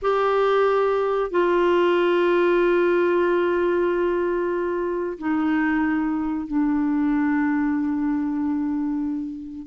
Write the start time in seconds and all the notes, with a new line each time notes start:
0.01 G4
1.30 F4
5.18 D#4
6.47 D4